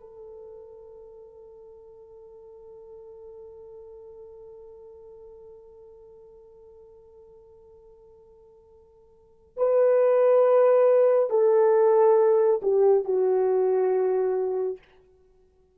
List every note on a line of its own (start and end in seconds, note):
0.00 9.57 A4
9.57 11.30 B4
11.30 12.60 A4
12.62 13.04 G4
13.04 14.78 F#4